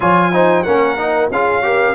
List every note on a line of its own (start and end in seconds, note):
0.00 0.66 F3
0.00 0.32 F4
0.00 0.32 C#5
0.00 0.63 G#5
0.32 0.65 D#4
0.32 0.65 C5
0.63 1.31 A#3
0.63 0.97 C#4
0.63 1.30 A#4
0.63 1.28 F#5
0.97 1.30 D#4
1.30 1.95 C#4
1.30 1.62 F4
1.30 1.63 G#4
1.30 1.95 F5
1.62 1.94 G4
1.62 1.95 A#4